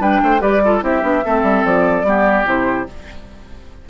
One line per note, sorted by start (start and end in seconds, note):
0.00 0.20 G3
0.00 0.40 D4
0.00 0.21 B4
0.00 0.41 G5
0.23 0.41 A3
0.23 0.42 C5
0.40 0.82 G3
0.40 0.60 G4
0.40 0.62 B4
0.40 0.82 D5
0.64 0.81 F4
0.64 0.84 A4
0.81 1.03 C4
0.81 1.02 E4
0.81 1.25 G4
0.81 1.65 E5
1.02 1.23 B3
1.02 1.22 D4
1.25 1.43 A3
1.25 2.05 C4
1.25 2.06 A4
1.43 1.63 G3
1.65 2.03 F3
1.65 2.47 D5
2.03 2.44 G3
2.03 2.45 B3
2.03 2.89 G4
2.45 2.86 C3
2.45 2.86 E4
2.45 2.89 C5